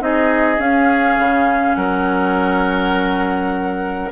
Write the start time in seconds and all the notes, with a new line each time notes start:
0.00 C4 D#4 G#4 D#5
0.58 C#4 F5
1.18 C#3
1.75 F#3 A#4 F#5